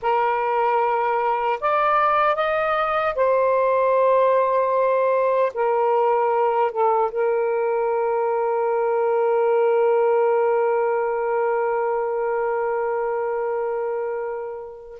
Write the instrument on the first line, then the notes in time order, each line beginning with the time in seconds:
saxophone
0.01 A#4
1.60 D5
2.35 D#5
3.15 C5
5.54 A#4
6.71 A4
7.11 A#4